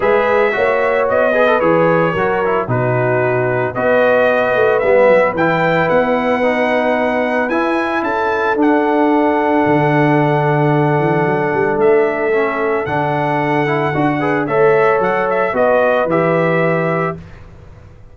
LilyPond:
<<
  \new Staff \with { instrumentName = "trumpet" } { \time 4/4 \tempo 4 = 112 e''2 dis''4 cis''4~ | cis''4 b'2 dis''4~ | dis''4 e''4 g''4 fis''4~ | fis''2 gis''4 a''4 |
fis''1~ | fis''2 e''2 | fis''2. e''4 | fis''8 e''8 dis''4 e''2 | }
  \new Staff \with { instrumentName = "horn" } { \time 4/4 b'4 cis''4. b'4. | ais'4 fis'2 b'4~ | b'1~ | b'2. a'4~ |
a'1~ | a'1~ | a'2~ a'8 b'8 cis''4~ | cis''4 b'2. | }
  \new Staff \with { instrumentName = "trombone" } { \time 4/4 gis'4 fis'4. gis'16 a'16 gis'4 | fis'8 e'8 dis'2 fis'4~ | fis'4 b4 e'2 | dis'2 e'2 |
d'1~ | d'2. cis'4 | d'4. e'8 fis'8 gis'8 a'4~ | a'4 fis'4 g'2 | }
  \new Staff \with { instrumentName = "tuba" } { \time 4/4 gis4 ais4 b4 e4 | fis4 b,2 b4~ | b8 a8 g8 fis8 e4 b4~ | b2 e'4 cis'4 |
d'2 d2~ | d8 e8 fis8 g8 a2 | d2 d'4 a4 | fis4 b4 e2 | }
>>